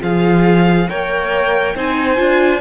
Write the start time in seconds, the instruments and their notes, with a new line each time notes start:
0.00 cello F3, viola F4, violin G#4 F5
0.89 cello A#3, viola A#4, violin C#5 G5
1.75 cello C4, viola D#4, violin C5 G#5
2.16 cello D4, viola F4